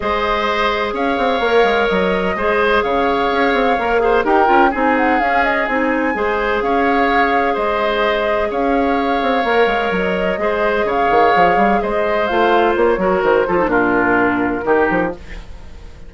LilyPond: <<
  \new Staff \with { instrumentName = "flute" } { \time 4/4 \tempo 4 = 127 dis''2 f''2 | dis''2 f''2~ | f''4 g''4 gis''8 fis''8 f''8 dis''8 | gis''2 f''2 |
dis''2 f''2~ | f''4 dis''2 f''4~ | f''4 dis''4 f''4 cis''4 | c''4 ais'2. | }
  \new Staff \with { instrumentName = "oboe" } { \time 4/4 c''2 cis''2~ | cis''4 c''4 cis''2~ | cis''8 c''8 ais'4 gis'2~ | gis'4 c''4 cis''2 |
c''2 cis''2~ | cis''2 c''4 cis''4~ | cis''4 c''2~ c''8 ais'8~ | ais'8 a'8 f'2 g'4 | }
  \new Staff \with { instrumentName = "clarinet" } { \time 4/4 gis'2. ais'4~ | ais'4 gis'2. | ais'8 gis'8 g'8 f'8 dis'4 cis'4 | dis'4 gis'2.~ |
gis'1 | ais'2 gis'2~ | gis'2 f'4. fis'8~ | fis'8 f'16 dis'16 d'2 dis'4 | }
  \new Staff \with { instrumentName = "bassoon" } { \time 4/4 gis2 cis'8 c'8 ais8 gis8 | fis4 gis4 cis4 cis'8 c'8 | ais4 dis'8 cis'8 c'4 cis'4 | c'4 gis4 cis'2 |
gis2 cis'4. c'8 | ais8 gis8 fis4 gis4 cis8 dis8 | f8 g8 gis4 a4 ais8 fis8 | dis8 f8 ais,2 dis8 f8 | }
>>